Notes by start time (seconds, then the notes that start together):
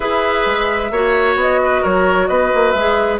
0.00 E4 G#4 B4 E5
0.46 G#3
0.90 A#3 F#4 C#5
1.35 B3 D#5
1.63 B4
1.81 F#3 A#4 C#5
2.27 B3 B4 D#5
2.54 A#3
2.71 G#3 E5
2.77 G#4